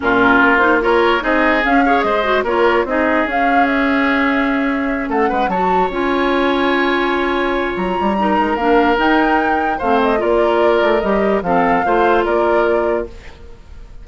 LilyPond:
<<
  \new Staff \with { instrumentName = "flute" } { \time 4/4 \tempo 4 = 147 ais'4. c''8 cis''4 dis''4 | f''4 dis''4 cis''4 dis''4 | f''4 e''2.~ | e''8 fis''4 a''4 gis''4.~ |
gis''2. ais''4~ | ais''4 f''4 g''2 | f''8 dis''8 d''2 dis''4 | f''2 d''2 | }
  \new Staff \with { instrumentName = "oboe" } { \time 4/4 f'2 ais'4 gis'4~ | gis'8 cis''8 c''4 ais'4 gis'4~ | gis'1~ | gis'8 a'8 b'8 cis''2~ cis''8~ |
cis''1 | ais'1 | c''4 ais'2. | a'4 c''4 ais'2 | }
  \new Staff \with { instrumentName = "clarinet" } { \time 4/4 cis'4. dis'8 f'4 dis'4 | cis'8 gis'4 fis'8 f'4 dis'4 | cis'1~ | cis'4. fis'4 f'4.~ |
f'1 | dis'4 d'4 dis'2 | c'4 f'2 g'4 | c'4 f'2. | }
  \new Staff \with { instrumentName = "bassoon" } { \time 4/4 ais,4 ais2 c'4 | cis'4 gis4 ais4 c'4 | cis'1~ | cis'8 a8 gis8 fis4 cis'4.~ |
cis'2. fis8 g8~ | g8 gis8 ais4 dis'2 | a4 ais4. a8 g4 | f4 a4 ais2 | }
>>